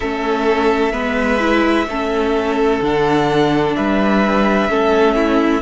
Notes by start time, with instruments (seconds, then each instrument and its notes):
0.00 cello A3, viola C#4, violin A4 E5
0.92 cello G#3, viola B3, violin B4
1.39 viola E4
1.86 cello A3, viola C#4, violin A4
2.80 cello D3, viola D4, violin F#5
3.75 cello G3, violin B4 E5
4.69 cello A3, viola C#4, violin A4
5.15 violin E4